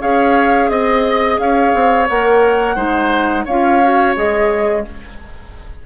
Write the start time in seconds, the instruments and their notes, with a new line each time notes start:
0.00 bassoon C#4, clarinet G#4, oboe C#5, flute F5
0.69 bassoon C4, flute D#5, oboe D#5
1.38 bassoon C#4, oboe C#5, flute F5
1.74 bassoon C4
2.08 bassoon A#3, clarinet A#4, flute F#5
2.75 bassoon G#3, clarinet D#4, oboe C5
3.45 bassoon C#4, clarinet F4, oboe C#5, flute F5
3.82 clarinet F#4
4.15 bassoon G#3, clarinet G#4, flute D#5